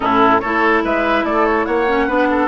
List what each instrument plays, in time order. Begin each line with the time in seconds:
0.00 bassoon A2, clarinet C#4, oboe E4, flute A4
0.40 bassoon A3, clarinet E4, oboe A4, flute C#5
0.84 bassoon G#3, oboe B4, flute E5
1.23 bassoon A3, oboe A4, flute D5
1.45 flute C#5
1.65 bassoon A#3, oboe C#5, flute F#5
1.87 clarinet C#4
2.06 bassoon B3, clarinet D4, oboe B4
2.29 oboe A4